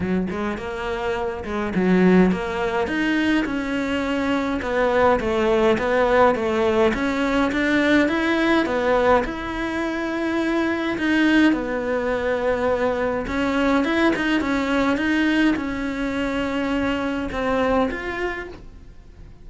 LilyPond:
\new Staff \with { instrumentName = "cello" } { \time 4/4 \tempo 4 = 104 fis8 gis8 ais4. gis8 fis4 | ais4 dis'4 cis'2 | b4 a4 b4 a4 | cis'4 d'4 e'4 b4 |
e'2. dis'4 | b2. cis'4 | e'8 dis'8 cis'4 dis'4 cis'4~ | cis'2 c'4 f'4 | }